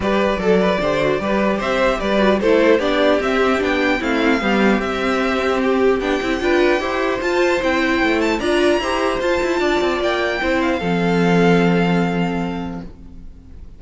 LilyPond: <<
  \new Staff \with { instrumentName = "violin" } { \time 4/4 \tempo 4 = 150 d''1 | e''4 d''4 c''4 d''4 | e''4 g''4 f''2 | e''2 g'4 g''4~ |
g''2 a''4 g''4~ | g''8 a''8 ais''2 a''4~ | a''4 g''4. f''4.~ | f''1 | }
  \new Staff \with { instrumentName = "violin" } { \time 4/4 b'4 a'8 b'8 c''4 b'4 | c''4 b'4 a'4 g'4~ | g'2 e'4 g'4~ | g'1 |
b'4 c''2.~ | c''4 d''4 c''2 | d''2 c''4 a'4~ | a'1 | }
  \new Staff \with { instrumentName = "viola" } { \time 4/4 g'4 a'4 g'8 fis'8 g'4~ | g'4. fis'8 e'4 d'4 | c'4 d'4 c'4 b4 | c'2. d'8 e'8 |
f'4 g'4 f'4 e'4~ | e'4 f'4 g'4 f'4~ | f'2 e'4 c'4~ | c'1 | }
  \new Staff \with { instrumentName = "cello" } { \time 4/4 g4 fis4 d4 g4 | c'4 g4 a4 b4 | c'4 b4 a4 g4 | c'2. b8 c'8 |
d'4 e'4 f'4 c'4 | a4 d'4 e'4 f'8 e'8 | d'8 c'8 ais4 c'4 f4~ | f1 | }
>>